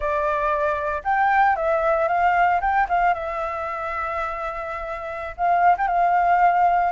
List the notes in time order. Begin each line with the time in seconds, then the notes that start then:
0.00 D5
1.04 G5
1.56 E5
2.08 F5
2.60 G5
2.89 F5
3.14 E5
5.37 F5
5.77 G5
5.87 F5